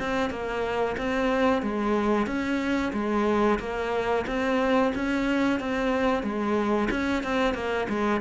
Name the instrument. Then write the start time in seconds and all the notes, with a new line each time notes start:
cello
0.00 C4
0.31 A#3
0.98 C4
1.62 G#3
2.27 C#4
2.93 G#3
3.60 A#3
4.27 C4
4.95 C#4
5.60 C4
6.23 G#3
6.91 C#4
7.24 C4
7.54 A#3
7.89 G#3